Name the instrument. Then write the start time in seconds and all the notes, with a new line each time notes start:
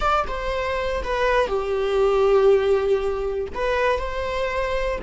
viola
0.00 D5
0.27 C5
1.03 B4
1.47 G4
3.54 B4
3.99 C5